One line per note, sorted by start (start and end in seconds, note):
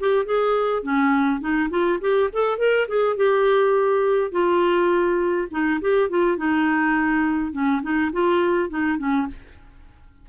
0.00 0.25 G4
0.25 0.83 G#4
0.83 1.40 C#4
1.40 1.69 D#4
1.70 1.99 F4
2.00 2.30 G4
2.32 2.58 A4
2.58 2.87 A#4
2.88 3.16 G#4
3.16 4.31 G4
4.31 5.48 F4
5.51 5.80 D#4
5.81 6.09 G4
6.09 6.37 F4
6.37 7.52 D#4
7.52 7.81 C#4
7.82 8.11 D#4
8.12 8.70 F4
8.70 8.98 D#4
8.98 9.27 C#4